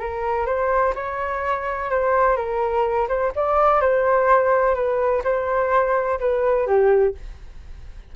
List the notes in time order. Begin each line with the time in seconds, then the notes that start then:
0.00 A#4
0.47 C5
0.96 C#5
1.91 C5
2.37 A#4
3.09 C5
3.36 D5
3.81 C5
4.75 B4
5.25 C5
6.20 B4
6.67 G4